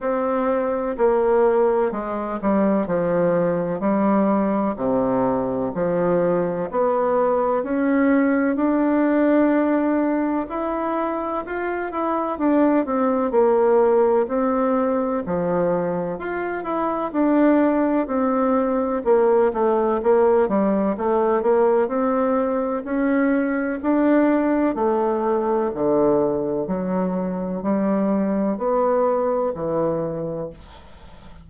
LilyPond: \new Staff \with { instrumentName = "bassoon" } { \time 4/4 \tempo 4 = 63 c'4 ais4 gis8 g8 f4 | g4 c4 f4 b4 | cis'4 d'2 e'4 | f'8 e'8 d'8 c'8 ais4 c'4 |
f4 f'8 e'8 d'4 c'4 | ais8 a8 ais8 g8 a8 ais8 c'4 | cis'4 d'4 a4 d4 | fis4 g4 b4 e4 | }